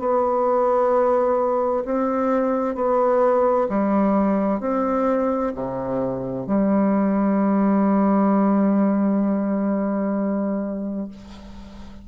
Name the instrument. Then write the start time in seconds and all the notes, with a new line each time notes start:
bassoon
0.00 B3
1.85 C4
2.75 B3
3.69 G3
4.61 C4
5.55 C3
6.47 G3